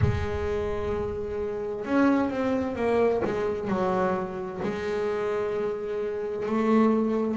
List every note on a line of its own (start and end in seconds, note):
0.01 1.85 G#3
1.85 2.30 C#4
2.30 2.75 C4
2.75 3.21 A#3
3.24 3.68 G#3
3.68 4.60 F#3
4.62 6.46 G#3
6.46 7.36 A3